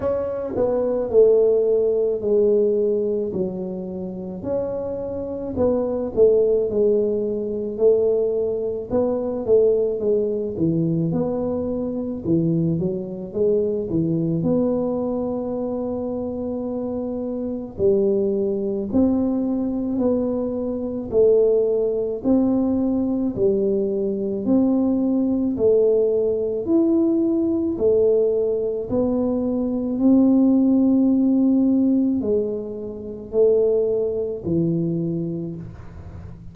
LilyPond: \new Staff \with { instrumentName = "tuba" } { \time 4/4 \tempo 4 = 54 cis'8 b8 a4 gis4 fis4 | cis'4 b8 a8 gis4 a4 | b8 a8 gis8 e8 b4 e8 fis8 | gis8 e8 b2. |
g4 c'4 b4 a4 | c'4 g4 c'4 a4 | e'4 a4 b4 c'4~ | c'4 gis4 a4 e4 | }